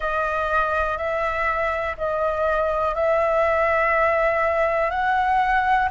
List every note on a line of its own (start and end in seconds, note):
0.00 0.97 D#5
0.97 1.96 E5
1.97 2.95 D#5
2.95 4.90 E5
4.90 5.88 F#5